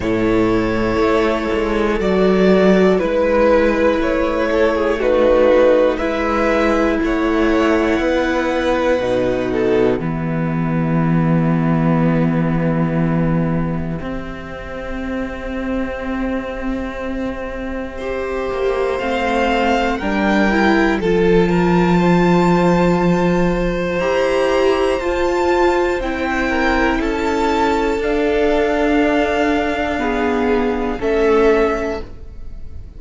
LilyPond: <<
  \new Staff \with { instrumentName = "violin" } { \time 4/4 \tempo 4 = 60 cis''2 d''4 b'4 | cis''4 b'4 e''4 fis''4~ | fis''2 e''2~ | e''1~ |
e''2. f''4 | g''4 a''2. | ais''4 a''4 g''4 a''4 | f''2. e''4 | }
  \new Staff \with { instrumentName = "violin" } { \time 4/4 a'2. b'4~ | b'8 a'16 gis'16 fis'4 b'4 cis''4 | b'4. a'8 g'2~ | g'1~ |
g'2 c''2 | ais'4 a'8 ais'8 c''2~ | c''2~ c''8 ais'8 a'4~ | a'2 gis'4 a'4 | }
  \new Staff \with { instrumentName = "viola" } { \time 4/4 e'2 fis'4 e'4~ | e'4 dis'4 e'2~ | e'4 dis'4 b2~ | b2 c'2~ |
c'2 g'4 c'4 | d'8 e'8 f'2. | g'4 f'4 e'2 | d'2 b4 cis'4 | }
  \new Staff \with { instrumentName = "cello" } { \time 4/4 a,4 a8 gis8 fis4 gis4 | a2 gis4 a4 | b4 b,4 e2~ | e2 c'2~ |
c'2~ c'8 ais8 a4 | g4 f2. | e'4 f'4 c'4 cis'4 | d'2. a4 | }
>>